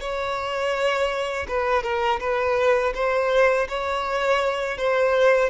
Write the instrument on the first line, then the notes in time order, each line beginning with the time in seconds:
violin
0.00 C#5
1.48 B4
1.83 A#4
2.20 B4
2.94 C5
3.68 C#5
4.77 C5